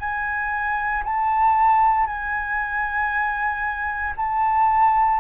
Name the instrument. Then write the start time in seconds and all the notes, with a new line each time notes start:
flute
0.00 G#5
1.04 A5
2.07 G#5
4.17 A5